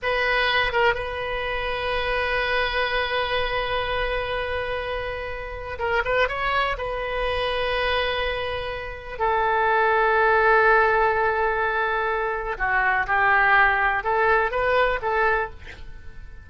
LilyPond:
\new Staff \with { instrumentName = "oboe" } { \time 4/4 \tempo 4 = 124 b'4. ais'8 b'2~ | b'1~ | b'1 | ais'8 b'8 cis''4 b'2~ |
b'2. a'4~ | a'1~ | a'2 fis'4 g'4~ | g'4 a'4 b'4 a'4 | }